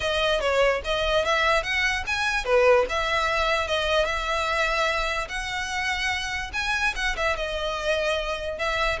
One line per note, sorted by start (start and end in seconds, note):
0.00 0.40 D#5
0.40 0.81 C#5
0.84 1.24 D#5
1.24 1.63 E5
1.63 2.04 F#5
2.06 2.44 G#5
2.44 2.85 B4
2.89 3.67 E5
3.67 4.05 D#5
4.05 5.27 E5
5.28 6.51 F#5
6.53 6.94 G#5
6.95 7.16 F#5
7.16 7.36 E5
7.36 8.58 D#5
8.58 8.99 E5